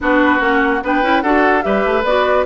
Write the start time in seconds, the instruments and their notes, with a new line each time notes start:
0.01 bassoon B3, clarinet D4, oboe F#4, flute B4
0.39 bassoon A#3, clarinet C#4, flute F#5
0.83 bassoon B3, clarinet D4, oboe B4, flute G5
1.02 bassoon C#4, clarinet E4
1.22 bassoon D4, clarinet F#4, oboe A4, flute F#5
1.61 bassoon G3, clarinet G4, oboe B4, flute E5
1.85 bassoon A3
2.04 bassoon B3, clarinet F#4, flute D5